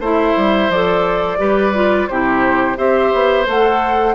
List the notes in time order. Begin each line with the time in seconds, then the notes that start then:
0.00 A3 E4 C5 E5
0.37 G3
0.69 F3 A4 D5
1.39 G3 G4 B4
1.74 F4
2.08 C3 E4 G4 C5
2.77 C4 G4 C5 E5
3.14 B3
3.46 A3 A4 F#5